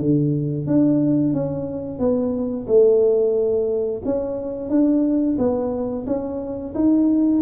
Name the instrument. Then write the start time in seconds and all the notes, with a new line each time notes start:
tuba
0.00 D3
0.67 D4
1.34 C#4
1.99 B3
2.67 A3
4.05 C#4
4.69 D4
5.38 B3
6.06 C#4
6.75 D#4